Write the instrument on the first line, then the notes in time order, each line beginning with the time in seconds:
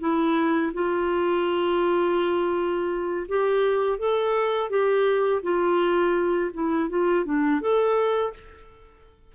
clarinet
0.00 E4
0.74 F4
3.28 G4
3.99 A4
4.70 G4
5.43 F4
6.53 E4
6.90 F4
7.25 D4
7.61 A4